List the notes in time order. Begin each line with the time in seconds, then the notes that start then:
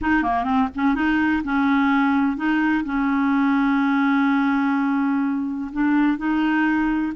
0.01 D#4
0.23 A#3
0.44 C4
0.75 C#4
0.95 D#4
1.44 C#4
2.36 D#4
2.84 C#4
5.72 D4
6.17 D#4